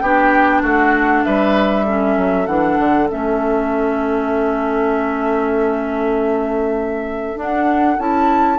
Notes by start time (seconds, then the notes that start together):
0.00 B3 D4 G4 G5
0.62 A3 F#4 F#5
1.24 G3 B4 E5
1.86 C#4 A4
2.17 F#3
2.47 E3 D4 F#5
2.79 D3
3.09 A3 C#4 E5
7.36 D4 F#5
7.99 C#4 E4 A5